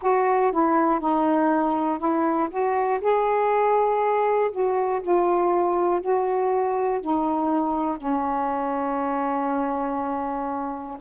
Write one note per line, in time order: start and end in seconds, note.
0.02 0.52 F#4
0.52 1.00 E4
1.00 1.99 D#4
1.99 2.49 E4
2.50 3.00 F#4
3.00 4.50 G#4
4.51 5.01 F#4
5.01 6.00 F4
6.00 7.00 F#4
7.00 7.97 D#4
7.97 10.97 C#4